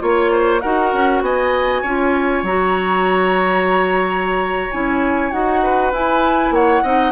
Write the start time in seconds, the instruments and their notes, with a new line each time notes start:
0.00 bassoon A#3, clarinet F4, oboe C#5, flute C#5
0.32 oboe C5
0.61 bassoon D#4, clarinet F#4, oboe A#4, flute F#5
0.93 bassoon C#4
1.21 bassoon B3, oboe D#5, flute G#5
1.82 bassoon C#4, clarinet F4, oboe C#5
2.43 bassoon F#3, clarinet F#4, flute A#5
4.71 bassoon C#4, clarinet E4, flute G#5
5.31 bassoon D#4, clarinet F#4, flute F#5
5.63 oboe B4
5.93 bassoon E4, clarinet E4, flute G#5
6.51 bassoon A#3, oboe C#5, flute F#5
6.83 bassoon C4, clarinet D#4, oboe D#5